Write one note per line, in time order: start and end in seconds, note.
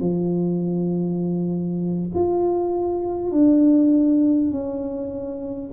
0.00 2.10 F3
2.15 3.32 F4
3.32 4.52 D4
4.52 5.72 C#4